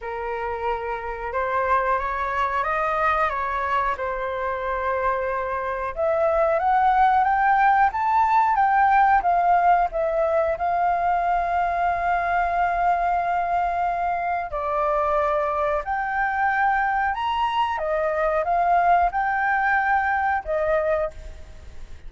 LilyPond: \new Staff \with { instrumentName = "flute" } { \time 4/4 \tempo 4 = 91 ais'2 c''4 cis''4 | dis''4 cis''4 c''2~ | c''4 e''4 fis''4 g''4 | a''4 g''4 f''4 e''4 |
f''1~ | f''2 d''2 | g''2 ais''4 dis''4 | f''4 g''2 dis''4 | }